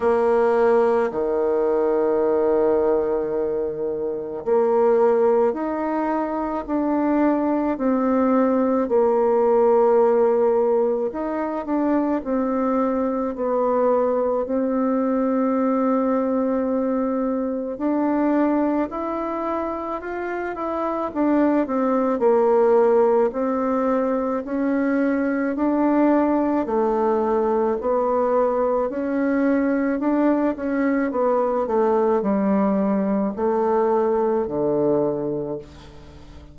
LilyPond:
\new Staff \with { instrumentName = "bassoon" } { \time 4/4 \tempo 4 = 54 ais4 dis2. | ais4 dis'4 d'4 c'4 | ais2 dis'8 d'8 c'4 | b4 c'2. |
d'4 e'4 f'8 e'8 d'8 c'8 | ais4 c'4 cis'4 d'4 | a4 b4 cis'4 d'8 cis'8 | b8 a8 g4 a4 d4 | }